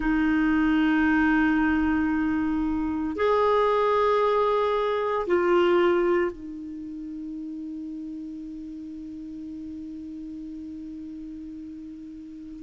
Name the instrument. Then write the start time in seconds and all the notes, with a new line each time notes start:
clarinet
0.00 D#4
3.16 G#4
5.26 F4
6.31 D#4